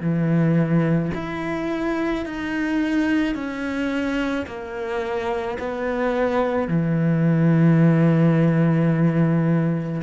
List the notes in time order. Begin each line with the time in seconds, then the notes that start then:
0.00 E3
1.14 E4
2.25 D#4
3.34 C#4
4.46 A#3
5.59 B3
6.68 E3